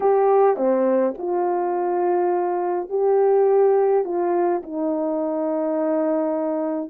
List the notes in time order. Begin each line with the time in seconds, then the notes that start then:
0.00 G4
0.56 C4
1.17 F4
2.89 G4
4.04 F4
4.63 D#4